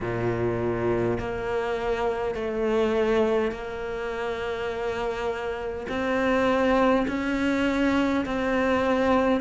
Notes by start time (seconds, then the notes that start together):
0.01 A#2
1.19 A#3
2.35 A3
3.51 A#3
5.88 C4
7.07 C#4
8.25 C4